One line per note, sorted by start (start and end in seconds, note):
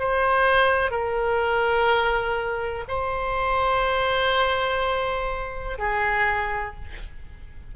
0.00 0.91 C5
0.91 2.85 A#4
2.89 5.79 C5
5.79 6.76 G#4